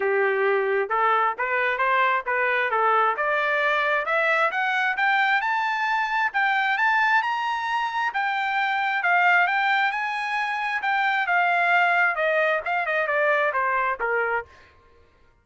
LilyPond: \new Staff \with { instrumentName = "trumpet" } { \time 4/4 \tempo 4 = 133 g'2 a'4 b'4 | c''4 b'4 a'4 d''4~ | d''4 e''4 fis''4 g''4 | a''2 g''4 a''4 |
ais''2 g''2 | f''4 g''4 gis''2 | g''4 f''2 dis''4 | f''8 dis''8 d''4 c''4 ais'4 | }